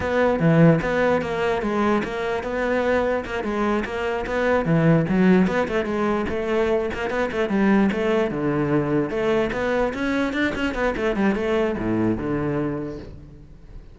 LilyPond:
\new Staff \with { instrumentName = "cello" } { \time 4/4 \tempo 4 = 148 b4 e4 b4 ais4 | gis4 ais4 b2 | ais8 gis4 ais4 b4 e8~ | e8 fis4 b8 a8 gis4 a8~ |
a4 ais8 b8 a8 g4 a8~ | a8 d2 a4 b8~ | b8 cis'4 d'8 cis'8 b8 a8 g8 | a4 a,4 d2 | }